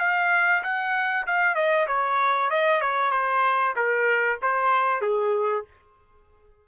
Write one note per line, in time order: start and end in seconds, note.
0.00 0.63 F5
0.63 1.27 F#5
1.27 1.56 F5
1.56 1.87 D#5
1.88 2.51 C#5
2.51 2.82 D#5
2.82 3.12 C#5
3.12 3.75 C5
3.76 4.40 A#4
4.42 5.02 C5
5.02 5.65 G#4